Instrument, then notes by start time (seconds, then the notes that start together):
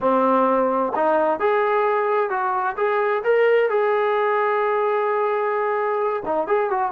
trombone
0.00 C4
0.95 D#4
1.39 G#4
2.30 F#4
2.76 G#4
3.23 A#4
3.69 G#4
6.25 D#4
6.47 G#4
6.70 F#4